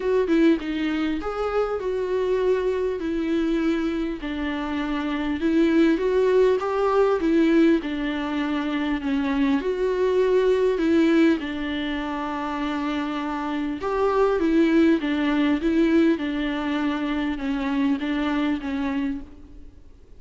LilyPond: \new Staff \with { instrumentName = "viola" } { \time 4/4 \tempo 4 = 100 fis'8 e'8 dis'4 gis'4 fis'4~ | fis'4 e'2 d'4~ | d'4 e'4 fis'4 g'4 | e'4 d'2 cis'4 |
fis'2 e'4 d'4~ | d'2. g'4 | e'4 d'4 e'4 d'4~ | d'4 cis'4 d'4 cis'4 | }